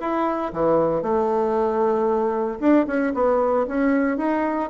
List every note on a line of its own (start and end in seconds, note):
0.00 0.52 E4
0.53 1.02 E3
1.02 2.59 A3
2.60 2.86 D4
2.87 3.13 C#4
3.14 3.67 B3
3.67 4.17 C#4
4.17 4.70 D#4